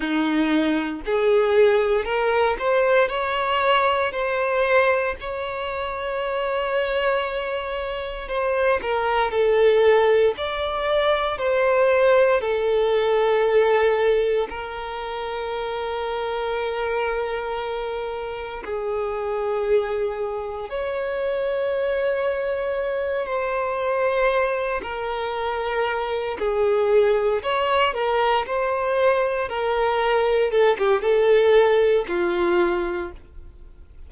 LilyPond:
\new Staff \with { instrumentName = "violin" } { \time 4/4 \tempo 4 = 58 dis'4 gis'4 ais'8 c''8 cis''4 | c''4 cis''2. | c''8 ais'8 a'4 d''4 c''4 | a'2 ais'2~ |
ais'2 gis'2 | cis''2~ cis''8 c''4. | ais'4. gis'4 cis''8 ais'8 c''8~ | c''8 ais'4 a'16 g'16 a'4 f'4 | }